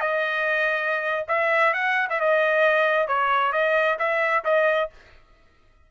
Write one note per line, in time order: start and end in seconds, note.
0.00 1.25 D#5
1.28 1.73 E5
1.73 2.07 F#5
2.09 2.20 E5
2.20 3.07 D#5
3.07 3.52 C#5
3.52 3.97 D#5
3.98 4.44 E5
4.44 4.89 D#5